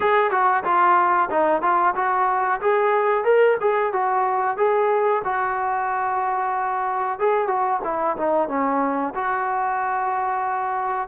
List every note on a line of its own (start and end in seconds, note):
0.00 0.31 G#4
0.31 0.63 F#4
0.64 1.29 F4
1.30 1.61 D#4
1.61 1.94 F4
1.95 2.60 F#4
2.60 3.24 G#4
3.24 3.57 A#4
3.60 3.92 G#4
3.92 4.57 F#4
4.57 5.22 G#4
5.24 7.19 F#4
7.19 7.47 G#4
7.47 7.80 F#4
7.83 8.16 E4
8.16 8.48 D#4
8.48 9.13 C#4
9.15 11.08 F#4